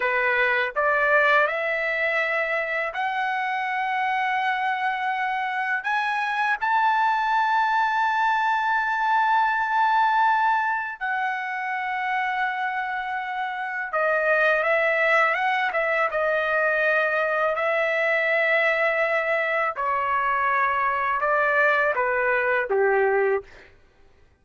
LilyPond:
\new Staff \with { instrumentName = "trumpet" } { \time 4/4 \tempo 4 = 82 b'4 d''4 e''2 | fis''1 | gis''4 a''2.~ | a''2. fis''4~ |
fis''2. dis''4 | e''4 fis''8 e''8 dis''2 | e''2. cis''4~ | cis''4 d''4 b'4 g'4 | }